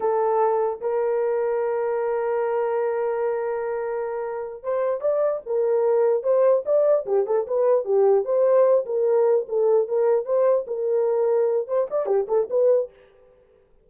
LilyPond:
\new Staff \with { instrumentName = "horn" } { \time 4/4 \tempo 4 = 149 a'2 ais'2~ | ais'1~ | ais'2.~ ais'8 c''8~ | c''8 d''4 ais'2 c''8~ |
c''8 d''4 g'8 a'8 b'4 g'8~ | g'8 c''4. ais'4. a'8~ | a'8 ais'4 c''4 ais'4.~ | ais'4 c''8 d''8 g'8 a'8 b'4 | }